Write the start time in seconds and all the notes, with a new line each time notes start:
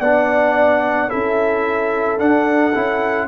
0.00 B3 D4 D5 F#5
1.09 C#4 E4 A4 E5
2.19 D4 F#5
2.75 C#4 E4